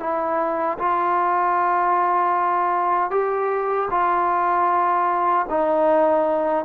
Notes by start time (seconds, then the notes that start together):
0.00 E4
0.79 F4
3.11 G4
3.91 F4
5.50 D#4